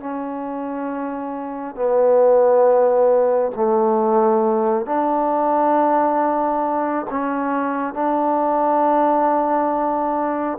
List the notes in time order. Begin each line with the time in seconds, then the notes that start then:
0.00 C#4
1.75 B3
3.55 A3
4.86 D4
7.10 C#4
7.94 D4